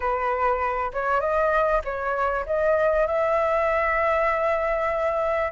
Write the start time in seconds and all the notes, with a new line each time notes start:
0.00 B4
0.93 C#5
1.20 D#5
1.84 C#5
2.46 D#5
3.06 E5